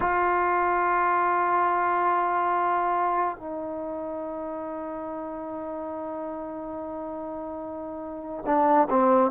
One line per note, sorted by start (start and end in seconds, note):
0.00 3.37 F4
3.37 8.44 D#4
8.45 8.88 D4
8.90 9.31 C4